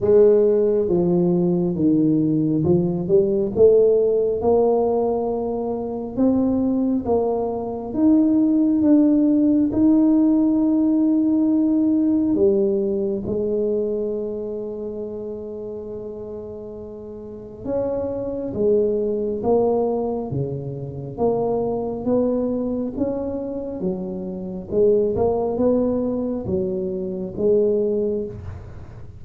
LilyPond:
\new Staff \with { instrumentName = "tuba" } { \time 4/4 \tempo 4 = 68 gis4 f4 dis4 f8 g8 | a4 ais2 c'4 | ais4 dis'4 d'4 dis'4~ | dis'2 g4 gis4~ |
gis1 | cis'4 gis4 ais4 cis4 | ais4 b4 cis'4 fis4 | gis8 ais8 b4 fis4 gis4 | }